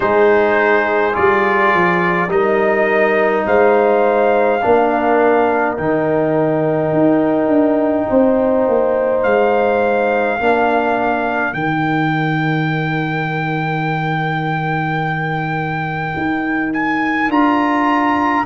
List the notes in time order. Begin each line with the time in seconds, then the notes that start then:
0.00 G#3 D#4 G#4 C5
1.12 G3 F4 D5
1.73 F3
2.28 G3 D#4 A#4 D#5
3.46 G#3 C5 F5
4.61 A#3 D4 A#4
5.76 D#3 D#4 G5
6.92 D#4
7.47 D4
8.08 C4 C5
8.67 A#3
9.22 G#3 F5
10.39 A#3 D4 A#4
11.53 D#3 D#4 G5
16.17 D#4
16.73 G#5
17.28 D4 F4 A#5